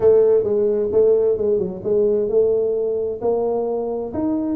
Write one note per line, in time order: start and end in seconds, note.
0.00 0.43 A3
0.43 0.89 G#3
0.92 1.37 A3
1.37 1.58 G#3
1.58 1.81 F#3
1.83 2.28 G#3
2.28 3.20 A3
3.21 4.12 A#3
4.13 4.56 D#4